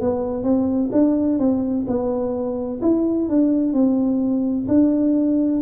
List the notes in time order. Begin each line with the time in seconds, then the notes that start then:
0.00 B3
0.43 C4
0.92 D4
1.38 C4
1.87 B3
2.81 E4
3.28 D4
3.73 C4
4.67 D4